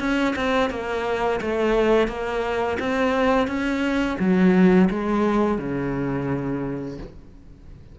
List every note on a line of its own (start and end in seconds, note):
0.00 0.35 C#4
0.36 0.71 C4
0.71 1.40 A#3
1.41 2.08 A3
2.08 2.78 A#3
2.80 3.48 C4
3.48 4.17 C#4
4.20 4.89 F#3
4.91 5.59 G#3
5.59 6.98 C#3